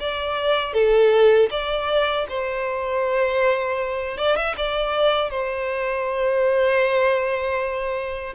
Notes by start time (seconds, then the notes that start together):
0.00 D5
0.74 A4
1.51 D5
2.29 C5
4.18 D5
4.37 E5
4.57 D5
5.31 C5